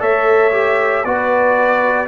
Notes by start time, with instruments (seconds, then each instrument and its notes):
0.00 tuba A3, trombone A4, horn C#5, trumpet E5
0.52 trombone G4
1.05 tuba B3, trombone F#4, horn B4, trumpet D5